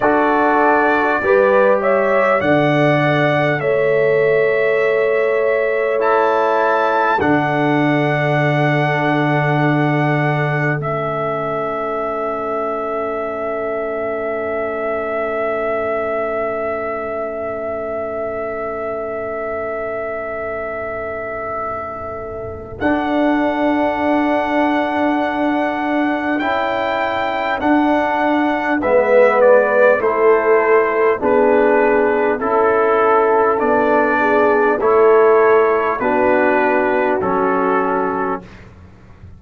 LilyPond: <<
  \new Staff \with { instrumentName = "trumpet" } { \time 4/4 \tempo 4 = 50 d''4. e''8 fis''4 e''4~ | e''4 a''4 fis''2~ | fis''4 e''2.~ | e''1~ |
e''2. fis''4~ | fis''2 g''4 fis''4 | e''8 d''8 c''4 b'4 a'4 | d''4 cis''4 b'4 a'4 | }
  \new Staff \with { instrumentName = "horn" } { \time 4/4 a'4 b'8 cis''8 d''4 cis''4~ | cis''2 a'2~ | a'1~ | a'1~ |
a'1~ | a'1 | b'4 a'4 gis'4 a'4~ | a'8 gis'8 a'4 fis'2 | }
  \new Staff \with { instrumentName = "trombone" } { \time 4/4 fis'4 g'4 a'2~ | a'4 e'4 d'2~ | d'4 cis'2.~ | cis'1~ |
cis'2. d'4~ | d'2 e'4 d'4 | b4 e'4 d'4 e'4 | d'4 e'4 d'4 cis'4 | }
  \new Staff \with { instrumentName = "tuba" } { \time 4/4 d'4 g4 d4 a4~ | a2 d2~ | d4 a2.~ | a1~ |
a2. d'4~ | d'2 cis'4 d'4 | gis4 a4 b4 cis'4 | b4 a4 b4 fis4 | }
>>